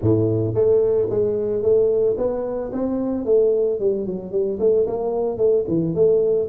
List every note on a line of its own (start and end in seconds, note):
0.01 0.54 A2
0.54 1.08 A3
1.10 1.62 G#3
1.62 2.16 A3
2.17 2.71 B3
2.72 3.25 C4
3.25 3.79 A3
3.79 4.06 G3
4.06 4.31 F#3
4.31 4.58 G3
4.59 4.86 A3
4.86 5.37 A#3
5.37 5.64 A3
5.68 5.95 E3
5.95 6.49 A3